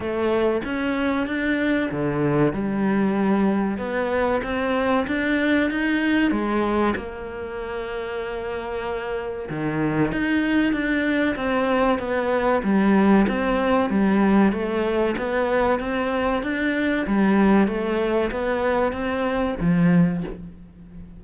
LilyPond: \new Staff \with { instrumentName = "cello" } { \time 4/4 \tempo 4 = 95 a4 cis'4 d'4 d4 | g2 b4 c'4 | d'4 dis'4 gis4 ais4~ | ais2. dis4 |
dis'4 d'4 c'4 b4 | g4 c'4 g4 a4 | b4 c'4 d'4 g4 | a4 b4 c'4 f4 | }